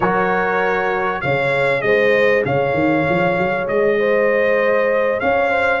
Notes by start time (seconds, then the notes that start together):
0.00 F#3 F#4 A#4 C#5
1.21 C#3 G#4 C#5 F5
1.81 G#3 C5 D#5
2.45 C#3 C#5 F5
2.73 D#3
3.09 F3
3.38 F#3
3.67 G#3 D#5
3.99 C5
5.20 C#4 C#5 F5
5.50 C5